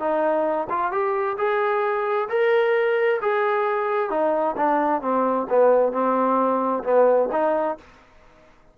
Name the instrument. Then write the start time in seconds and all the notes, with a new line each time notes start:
trombone
0.00 D#4
0.70 F4
0.92 G4
1.38 G#4
2.30 A#4
3.22 G#4
4.11 D#4
4.57 D4
5.02 C4
5.50 B3
5.93 C4
6.84 B3
7.32 D#4